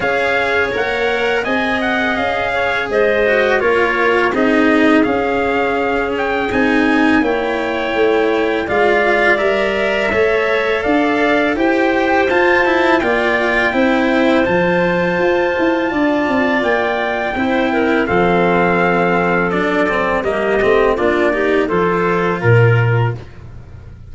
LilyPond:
<<
  \new Staff \with { instrumentName = "trumpet" } { \time 4/4 \tempo 4 = 83 f''4 fis''4 gis''8 fis''8 f''4 | dis''4 cis''4 dis''4 f''4~ | f''8 g''8 gis''4 g''2 | f''4 e''2 f''4 |
g''4 a''4 g''2 | a''2. g''4~ | g''4 f''2 d''4 | dis''4 d''4 c''4 ais'4 | }
  \new Staff \with { instrumentName = "clarinet" } { \time 4/4 cis''2 dis''4. cis''8 | c''4 ais'4 gis'2~ | gis'2 cis''2 | d''2 cis''4 d''4 |
c''2 d''4 c''4~ | c''2 d''2 | c''8 ais'8 a'2. | g'4 f'8 g'8 a'4 ais'4 | }
  \new Staff \with { instrumentName = "cello" } { \time 4/4 gis'4 ais'4 gis'2~ | gis'8 fis'8 f'4 dis'4 cis'4~ | cis'4 dis'4 e'2 | f'4 ais'4 a'2 |
g'4 f'8 e'8 f'4 e'4 | f'1 | e'4 c'2 d'8 c'8 | ais8 c'8 d'8 dis'8 f'2 | }
  \new Staff \with { instrumentName = "tuba" } { \time 4/4 cis'4 ais4 c'4 cis'4 | gis4 ais4 c'4 cis'4~ | cis'4 c'4 ais4 a4 | gis4 g4 a4 d'4 |
e'4 f'4 ais4 c'4 | f4 f'8 e'8 d'8 c'8 ais4 | c'4 f2 fis4 | g8 a8 ais4 f4 ais,4 | }
>>